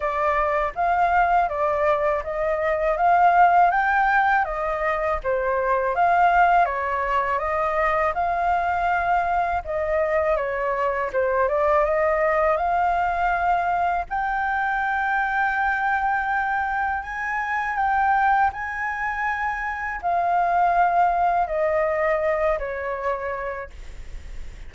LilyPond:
\new Staff \with { instrumentName = "flute" } { \time 4/4 \tempo 4 = 81 d''4 f''4 d''4 dis''4 | f''4 g''4 dis''4 c''4 | f''4 cis''4 dis''4 f''4~ | f''4 dis''4 cis''4 c''8 d''8 |
dis''4 f''2 g''4~ | g''2. gis''4 | g''4 gis''2 f''4~ | f''4 dis''4. cis''4. | }